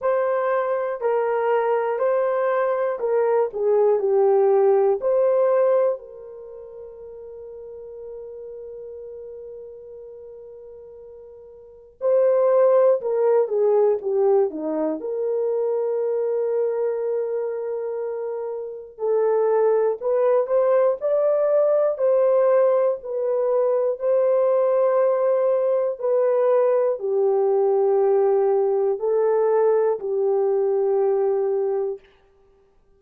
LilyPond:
\new Staff \with { instrumentName = "horn" } { \time 4/4 \tempo 4 = 60 c''4 ais'4 c''4 ais'8 gis'8 | g'4 c''4 ais'2~ | ais'1 | c''4 ais'8 gis'8 g'8 dis'8 ais'4~ |
ais'2. a'4 | b'8 c''8 d''4 c''4 b'4 | c''2 b'4 g'4~ | g'4 a'4 g'2 | }